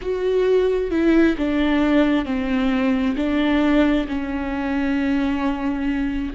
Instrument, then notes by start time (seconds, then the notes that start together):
viola
0.01 F#4
0.90 E4
1.37 D4
2.25 C4
3.16 D4
4.08 C#4